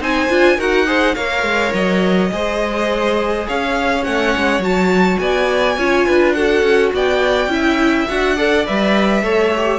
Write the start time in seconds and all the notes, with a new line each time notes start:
0.00 C4 D#4 C5 G#5
0.29 D4 F4
0.57 D#4 F#4 A#4 F#5
0.86 G#4 C5
1.15 A#3 A#4 C#5 F5
1.43 G#3
1.73 F#3 D#5
2.31 G#3 G#4 C5
3.47 C#4 C#5 F5
4.03 A3 C#4 F#5
4.37 G#3
4.59 F#3 F#4 A5
5.19 B3 D5 G#5
5.77 C#4 F4 C#5
6.06 D4 B4
6.33 F#4 A4 F#5
6.63 C#4
6.94 B3 D5 G5
7.47 C#4 E4 E5
8.08 D4 F#4 F#5
8.36 A4 D5
8.66 G3 B4 E5
9.22 A3 A4 C#5
9.56 G4